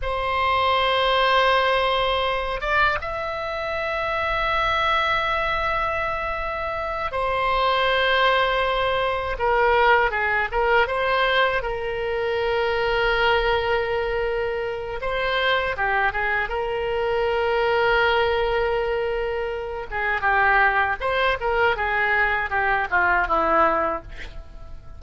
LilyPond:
\new Staff \with { instrumentName = "oboe" } { \time 4/4 \tempo 4 = 80 c''2.~ c''8 d''8 | e''1~ | e''4. c''2~ c''8~ | c''8 ais'4 gis'8 ais'8 c''4 ais'8~ |
ais'1 | c''4 g'8 gis'8 ais'2~ | ais'2~ ais'8 gis'8 g'4 | c''8 ais'8 gis'4 g'8 f'8 e'4 | }